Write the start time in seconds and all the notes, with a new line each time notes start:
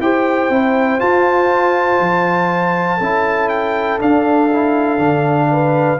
0.00 E4 G4 C5 G5
0.50 C4 E4
0.99 F4 A5
2.00 F3
2.98 C#4 E4 A4
3.49 G5
4.00 D4 F5
4.53 E4
4.98 D3 D4
5.52 B4